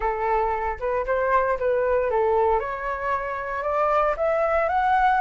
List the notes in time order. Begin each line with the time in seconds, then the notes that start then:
0.00 A4
0.79 B4
1.06 C5
1.59 B4
2.10 A4
2.59 C#5
3.63 D5
4.16 E5
4.69 F#5